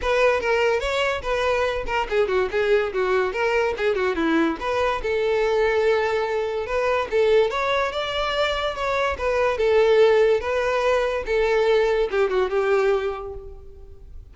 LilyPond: \new Staff \with { instrumentName = "violin" } { \time 4/4 \tempo 4 = 144 b'4 ais'4 cis''4 b'4~ | b'8 ais'8 gis'8 fis'8 gis'4 fis'4 | ais'4 gis'8 fis'8 e'4 b'4 | a'1 |
b'4 a'4 cis''4 d''4~ | d''4 cis''4 b'4 a'4~ | a'4 b'2 a'4~ | a'4 g'8 fis'8 g'2 | }